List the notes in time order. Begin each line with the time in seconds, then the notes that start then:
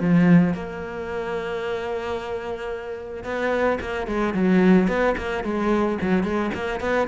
0.00 F3
0.53 A#3
3.24 B3
3.80 A#3
4.07 G#3
4.33 F#3
4.87 B3
5.17 A#3
5.43 G#3
6.01 F#3
6.23 G#3
6.54 A#3
6.80 B3